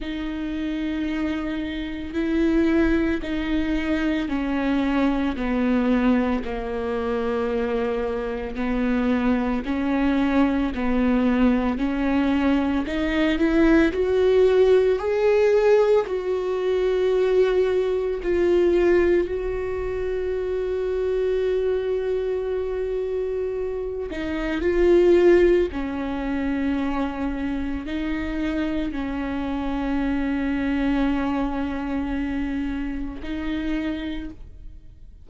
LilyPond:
\new Staff \with { instrumentName = "viola" } { \time 4/4 \tempo 4 = 56 dis'2 e'4 dis'4 | cis'4 b4 ais2 | b4 cis'4 b4 cis'4 | dis'8 e'8 fis'4 gis'4 fis'4~ |
fis'4 f'4 fis'2~ | fis'2~ fis'8 dis'8 f'4 | cis'2 dis'4 cis'4~ | cis'2. dis'4 | }